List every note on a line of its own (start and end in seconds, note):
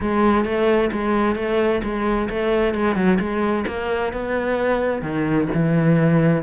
0.00 0.44 G#3
0.44 0.90 A3
0.92 1.35 G#3
1.35 1.81 A3
1.83 2.28 G#3
2.29 2.74 A3
2.74 2.95 G#3
2.95 3.18 F#3
3.19 3.65 G#3
3.67 4.12 A#3
4.12 5.02 B3
5.02 5.47 D#3
5.53 6.42 E3